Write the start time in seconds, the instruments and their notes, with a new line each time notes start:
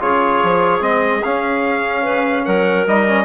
0.00 bassoon C#3, trombone F4, clarinet G#4, trumpet C#5
0.43 bassoon F3
0.81 bassoon G#3, trombone C4, trumpet D#5
1.24 bassoon C#4, trombone C#4, trumpet F5
2.03 bassoon C#3, clarinet B4
2.45 bassoon F#3, clarinet A#4, trumpet F#5
2.87 bassoon G3, trombone D#4, trumpet D#5
3.08 trombone C#4